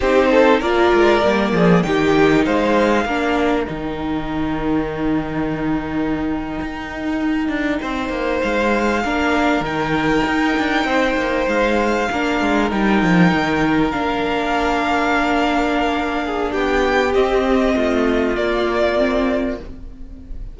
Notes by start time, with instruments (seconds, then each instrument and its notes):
0.00 cello C4, viola D#4, violin G4 C5
0.30 violin A4
0.60 cello A#3, viola F4, violin A#4 D5
0.93 cello G#3
1.22 cello G3, viola A#3
1.52 cello F3, violin G#4
1.82 cello D#3, viola D#4, violin G4 G5
2.45 cello G#3, violin C5 F5
3.05 cello A#3, viola D4, violin A#4
3.66 cello D#3, viola D#4, violin G5
6.61 cello D#4
7.48 cello D4
7.80 cello C4, violin C5
8.09 cello A#3
8.41 cello G#3, violin F5
9.03 cello A#3, viola D4, violin A#4
9.60 cello D#3, viola D#4, violin G5
10.26 cello D#4
10.58 cello D4
10.84 cello C4, violin C5
11.16 cello A#3
11.47 cello G#3, violin F5
12.11 cello A#3, viola D4, violin A#4
12.41 cello G#3
12.69 cello G3, viola D#4, violin G5
13.02 cello F3
13.32 cello D#3
13.91 cello A#3, viola D4, violin F5
16.24 violin G#4
16.51 cello B3, violin G4 G5
17.14 viola C4, cello C4, violin D#5
17.75 cello A3, violin F4
18.36 viola A#3, cello A#3, violin D5
18.97 viola C4